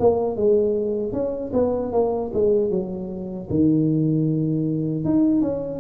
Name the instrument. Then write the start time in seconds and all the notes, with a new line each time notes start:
tuba
0.00 A#3
0.36 G#3
1.13 C#4
1.53 B3
1.93 A#3
2.34 G#3
2.71 F#3
3.50 D#3
5.05 D#4
5.42 C#4